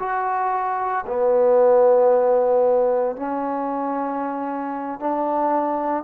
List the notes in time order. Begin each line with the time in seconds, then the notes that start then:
0.00 F#4
1.07 B3
3.16 C#4
5.00 D4